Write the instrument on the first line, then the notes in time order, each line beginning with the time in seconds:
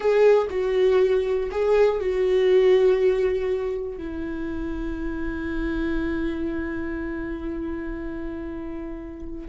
viola
0.00 G#4
0.50 F#4
1.51 G#4
2.00 F#4
3.98 E4